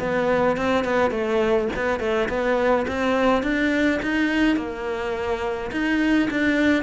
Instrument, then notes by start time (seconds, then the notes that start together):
cello
0.00 B3
0.57 C4
0.85 B3
1.11 A3
1.76 B3
2.00 A3
2.29 B3
2.88 C4
3.43 D4
4.03 D#4
4.57 A#3
5.72 D#4
6.31 D4